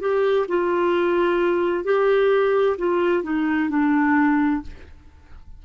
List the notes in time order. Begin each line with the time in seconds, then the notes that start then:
0.00 G4
0.48 F4
1.84 G4
2.78 F4
3.23 D#4
3.70 D4